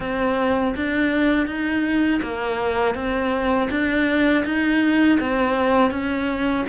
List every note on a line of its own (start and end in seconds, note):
0.00 0.74 C4
0.76 1.46 D4
1.46 2.20 D#4
2.22 2.94 A#3
2.94 3.68 C4
3.70 4.44 D4
4.44 5.19 D#4
5.20 5.91 C4
5.91 6.65 C#4